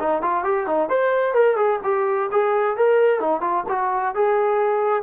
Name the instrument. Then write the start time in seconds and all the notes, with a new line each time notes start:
trombone
0.00 D#4
0.22 F4
0.44 G4
0.67 D#4
0.90 C5
1.34 A#4
1.57 G#4
1.84 G4
2.32 G#4
2.77 A#4
3.21 D#4
3.42 F4
3.69 F#4
4.15 G#4